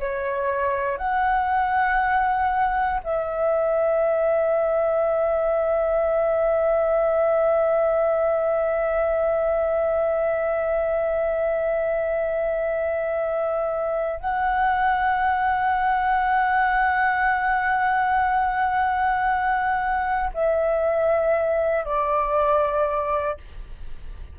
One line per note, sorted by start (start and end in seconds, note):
0.00 0.98 C#5
0.98 3.01 F#5
3.04 14.20 E5
14.20 20.31 F#5
20.34 21.86 E5
21.86 23.38 D5